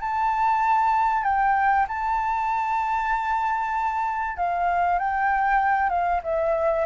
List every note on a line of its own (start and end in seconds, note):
0.00 1.24 A5
1.24 1.86 G5
1.88 4.37 A5
4.37 4.98 F5
4.98 5.89 G5
5.89 6.20 F5
6.23 6.85 E5